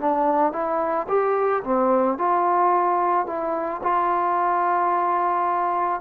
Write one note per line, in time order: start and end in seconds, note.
0.00 0.53 D4
0.53 1.07 E4
1.09 1.63 G4
1.64 2.18 C4
2.18 3.27 F4
3.27 3.81 E4
3.83 6.01 F4